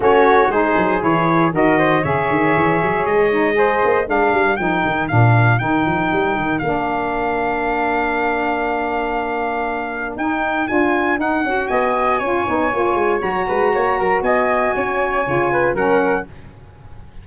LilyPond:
<<
  \new Staff \with { instrumentName = "trumpet" } { \time 4/4 \tempo 4 = 118 cis''4 c''4 cis''4 dis''4 | e''2 dis''2 | f''4 g''4 f''4 g''4~ | g''4 f''2.~ |
f''1 | g''4 gis''4 fis''4 gis''4~ | gis''2 ais''2 | gis''2. fis''4 | }
  \new Staff \with { instrumentName = "flute" } { \time 4/4 fis'4 gis'2 ais'8 c''8 | cis''2. c''4 | ais'1~ | ais'1~ |
ais'1~ | ais'2. dis''4 | cis''2~ cis''8 b'8 cis''8 ais'8 | dis''4 cis''4. b'8 ais'4 | }
  \new Staff \with { instrumentName = "saxophone" } { \time 4/4 cis'4 dis'4 e'4 fis'4 | gis'2~ gis'8 dis'8 gis'4 | d'4 dis'4 d'4 dis'4~ | dis'4 d'2.~ |
d'1 | dis'4 f'4 dis'8 fis'4. | f'8 dis'8 f'4 fis'2~ | fis'2 f'4 cis'4 | }
  \new Staff \with { instrumentName = "tuba" } { \time 4/4 a4 gis8 fis8 e4 dis4 | cis8 dis8 e8 fis8 gis4. ais8 | gis8 g8 f8 dis8 ais,4 dis8 f8 | g8 dis8 ais2.~ |
ais1 | dis'4 d'4 dis'8 cis'8 b4 | cis'8 b8 ais8 gis8 fis8 gis8 ais8 fis8 | b4 cis'4 cis4 fis4 | }
>>